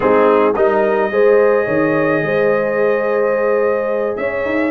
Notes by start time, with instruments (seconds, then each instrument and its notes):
0.00 tuba G#3, trombone C4, horn D#4, trumpet G#4
0.53 tuba G3, trombone D#4, horn A#4, trumpet D#5
1.10 tuba G#3, trombone G#4, horn C5
1.65 tuba D#3, horn C#5
2.22 tuba G#3, horn C5
4.16 tuba C#4, horn C#5, trumpet E5
4.45 tuba D#4